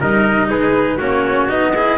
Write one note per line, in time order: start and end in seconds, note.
0.00 0.50 G3
0.00 0.99 D#4
0.00 0.49 A#4
0.00 0.50 D#5
0.50 0.99 G#3
0.50 0.97 G#4
0.50 0.99 B4
0.97 1.49 A#3
0.97 1.49 C#4
0.97 1.70 F#4
0.97 1.49 C#5
1.49 1.98 B3
1.49 1.73 D#4
1.49 1.98 D#5
1.74 1.98 E4
1.74 1.98 G#4